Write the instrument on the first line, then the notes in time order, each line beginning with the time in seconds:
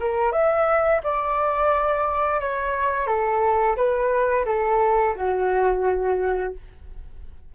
flute
0.00 A#4
0.33 E5
1.04 D5
2.41 C#5
3.07 A4
3.76 B4
4.46 A4
5.16 F#4